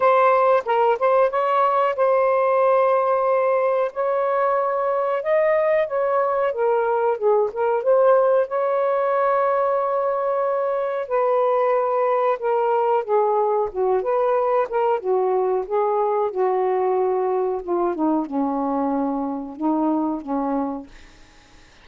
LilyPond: \new Staff \with { instrumentName = "saxophone" } { \time 4/4 \tempo 4 = 92 c''4 ais'8 c''8 cis''4 c''4~ | c''2 cis''2 | dis''4 cis''4 ais'4 gis'8 ais'8 | c''4 cis''2.~ |
cis''4 b'2 ais'4 | gis'4 fis'8 b'4 ais'8 fis'4 | gis'4 fis'2 f'8 dis'8 | cis'2 dis'4 cis'4 | }